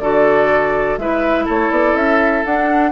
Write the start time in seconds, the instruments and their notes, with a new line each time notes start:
0.00 bassoon D3, clarinet F#4, oboe A4, flute D5
0.98 bassoon G#3, clarinet E4, oboe B4, flute E5
1.45 bassoon A3, oboe A4, flute C#5
1.70 bassoon B3, flute D5
1.94 bassoon C#4, flute E5
2.45 bassoon D4, clarinet D4, flute F#5